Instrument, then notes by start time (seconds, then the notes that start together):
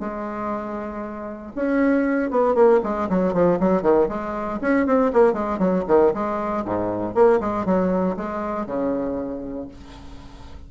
bassoon
0.00 G#3
1.56 C#4
2.31 B3
2.54 A#3
2.84 G#3
3.10 F#3
3.34 F3
3.60 F#3
3.82 D#3
4.09 G#3
4.62 C#4
4.87 C4
5.13 A#3
5.33 G#3
5.59 F#3
5.88 D#3
6.14 G#3
6.65 G#2
7.15 A#3
7.40 G#3
7.65 F#3
8.17 G#3
8.66 C#3